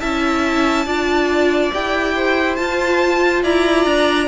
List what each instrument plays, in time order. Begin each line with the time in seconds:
0.00 cello C#4, viola E4, violin E5 A5
0.86 cello D4, viola F4, violin D5
1.73 cello E4, viola G4, violin G5
2.15 violin C5
2.56 viola F4, cello F4, violin A5
3.43 cello E4, violin D5 A#5
3.86 cello D4